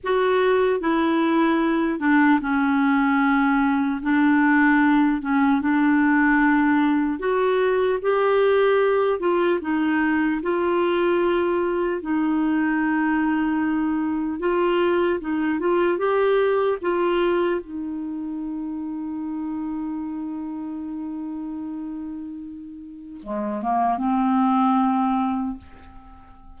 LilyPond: \new Staff \with { instrumentName = "clarinet" } { \time 4/4 \tempo 4 = 75 fis'4 e'4. d'8 cis'4~ | cis'4 d'4. cis'8 d'4~ | d'4 fis'4 g'4. f'8 | dis'4 f'2 dis'4~ |
dis'2 f'4 dis'8 f'8 | g'4 f'4 dis'2~ | dis'1~ | dis'4 gis8 ais8 c'2 | }